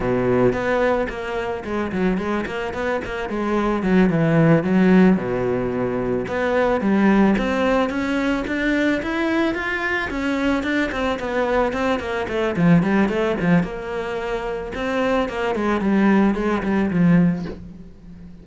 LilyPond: \new Staff \with { instrumentName = "cello" } { \time 4/4 \tempo 4 = 110 b,4 b4 ais4 gis8 fis8 | gis8 ais8 b8 ais8 gis4 fis8 e8~ | e8 fis4 b,2 b8~ | b8 g4 c'4 cis'4 d'8~ |
d'8 e'4 f'4 cis'4 d'8 | c'8 b4 c'8 ais8 a8 f8 g8 | a8 f8 ais2 c'4 | ais8 gis8 g4 gis8 g8 f4 | }